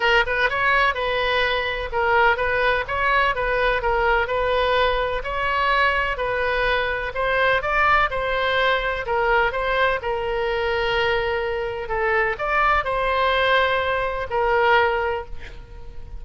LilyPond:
\new Staff \with { instrumentName = "oboe" } { \time 4/4 \tempo 4 = 126 ais'8 b'8 cis''4 b'2 | ais'4 b'4 cis''4 b'4 | ais'4 b'2 cis''4~ | cis''4 b'2 c''4 |
d''4 c''2 ais'4 | c''4 ais'2.~ | ais'4 a'4 d''4 c''4~ | c''2 ais'2 | }